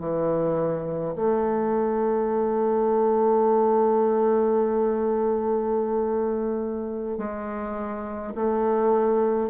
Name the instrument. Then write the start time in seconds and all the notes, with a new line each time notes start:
bassoon
0.00 E3
1.16 A3
7.19 G#3
8.35 A3